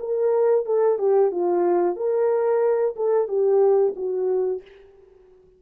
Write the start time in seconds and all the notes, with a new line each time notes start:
0.00 A#4
0.66 A4
0.99 G4
1.32 F4
1.97 A#4
2.96 A4
3.28 G4
3.96 F#4